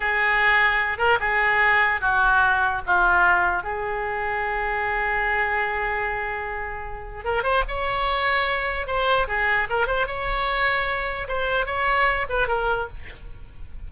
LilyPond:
\new Staff \with { instrumentName = "oboe" } { \time 4/4 \tempo 4 = 149 gis'2~ gis'8 ais'8 gis'4~ | gis'4 fis'2 f'4~ | f'4 gis'2.~ | gis'1~ |
gis'2 ais'8 c''8 cis''4~ | cis''2 c''4 gis'4 | ais'8 c''8 cis''2. | c''4 cis''4. b'8 ais'4 | }